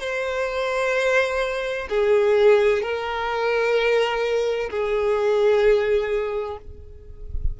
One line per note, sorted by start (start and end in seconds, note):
0.00 1.87 C5
1.89 2.82 G#4
2.82 4.70 A#4
4.70 6.57 G#4